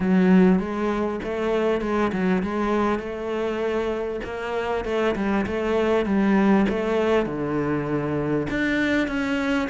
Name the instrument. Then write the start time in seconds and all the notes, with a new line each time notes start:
cello
0.00 F#3
0.59 G#3
1.23 A3
1.81 G#3
2.12 F#3
2.42 G#3
2.99 A3
4.24 A#3
4.85 A3
5.15 G3
5.46 A3
6.05 G3
6.69 A3
7.26 D3
8.50 D4
9.07 C#4